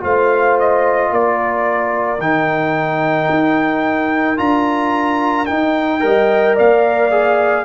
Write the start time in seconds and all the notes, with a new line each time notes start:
0.00 A3 F4 C5 F5
0.60 D#5
1.10 A#3 A#4 D5
2.19 D#3 D#4 G5
3.30 D#4
4.37 D4 F4 A#5
5.46 D#4 G5
6.00 G3 A#4 D#5
6.56 A#3 D5 F5
7.11 G#4